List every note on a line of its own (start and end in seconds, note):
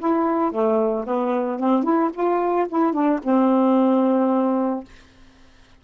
0.00 0.52 E4
0.52 1.06 A3
1.07 1.60 B3
1.60 1.84 C4
1.84 2.11 E4
2.14 2.68 F4
2.70 2.93 E4
2.93 3.20 D4
3.24 4.85 C4